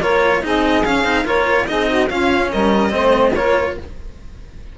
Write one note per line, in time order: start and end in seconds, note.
0.00 0.43 A#3
0.00 0.42 F4
0.00 0.42 A#4
0.00 0.44 C#5
0.42 0.85 C4
0.42 0.84 D#4
0.42 1.24 G#4
0.42 0.85 D#5
0.85 1.05 C#4
0.85 1.04 C#4
0.85 1.26 F5
1.04 1.25 C4
1.04 1.25 D#4
1.24 1.68 A#3
1.24 1.67 F4
1.24 1.66 A#4
1.24 1.67 C#5
1.67 2.11 C4
1.67 2.09 D#4
1.67 1.89 G#4
1.67 2.09 D#5
1.89 2.09 F#4
2.09 2.90 C#4
2.09 2.52 C#4
2.09 2.51 F4
2.09 2.51 F5
2.51 2.94 G3
2.51 2.93 A#4
2.51 3.35 D#5
2.90 3.36 A3
2.90 3.32 C4
2.90 3.34 C5
3.34 3.77 A#3
3.34 3.78 F4
3.34 3.76 A#4
3.34 3.77 C#5